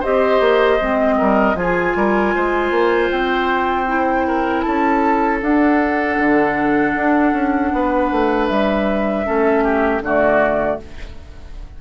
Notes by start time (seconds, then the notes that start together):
0.00 C4 G4 C5 D#5
0.41 A#3
0.81 G#3 C4
1.18 G3 A#4
1.55 F3 F4 G#4 G#5
1.96 G3 A#4
2.36 G#3 C5
2.71 A#3
3.12 C4 G5
3.87 E4
4.28 A#4
4.62 C#4 A4 A5
5.42 D4 F#5
6.19 D3
6.95 D4
7.33 C#4
7.74 B3 B4
8.12 A3
8.48 G3 E5
9.25 A3 C#4 A4
9.64 G4
10.02 D3 A3 F#4 D5